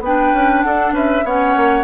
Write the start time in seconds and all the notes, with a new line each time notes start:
0.00 B3 B4 G5
0.06 D4
0.33 C#4
0.62 D4 A4 F#5
0.92 C#4 B4 E5
1.24 B3 C#4 C#5 F#5
1.57 A#3